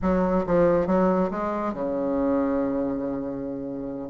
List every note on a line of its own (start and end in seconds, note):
0.01 0.45 F#3
0.46 0.86 F3
0.86 1.29 F#3
1.30 1.73 G#3
1.73 4.09 C#3